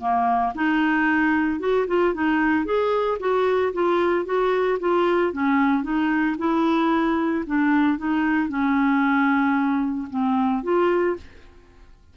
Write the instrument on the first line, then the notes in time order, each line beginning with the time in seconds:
clarinet
0.00 A#3
0.55 D#4
1.60 F#4
1.88 F4
2.14 D#4
2.65 G#4
3.20 F#4
3.74 F4
4.26 F#4
4.80 F4
5.33 C#4
5.83 D#4
6.38 E4
7.47 D4
7.98 D#4
8.49 C#4
10.10 C4
10.63 F4